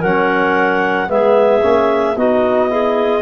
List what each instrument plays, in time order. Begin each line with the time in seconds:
0.00 tuba F#3, trombone C#4, clarinet A#4 F#5
1.08 tuba G#3, trombone B3, clarinet G#4 E5
1.63 tuba A#3, trombone C#4
2.17 tuba B3, trombone D#4, clarinet F#4 D#5
2.70 trombone E4, clarinet G#4